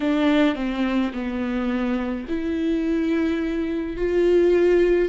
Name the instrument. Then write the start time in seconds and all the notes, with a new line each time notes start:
viola
0.00 D4
0.55 C4
1.13 B3
2.28 E4
3.96 F4